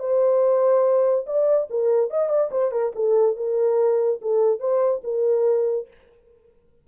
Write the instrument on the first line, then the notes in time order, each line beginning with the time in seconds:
horn
0.00 C5
1.27 D5
1.71 A#4
2.11 D#5
2.30 D5
2.52 C5
2.72 A#4
2.95 A4
3.37 A#4
4.22 A4
4.60 C5
5.04 A#4